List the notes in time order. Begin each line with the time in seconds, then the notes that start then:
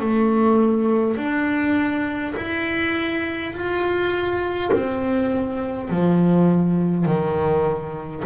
0.00 A3
1.17 D4
2.37 E4
3.53 F4
4.73 C4
5.90 F3
7.06 D#3